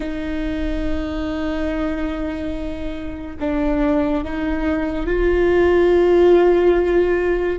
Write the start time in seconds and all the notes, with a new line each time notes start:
0.00 D#4
3.40 D4
4.24 D#4
5.06 F4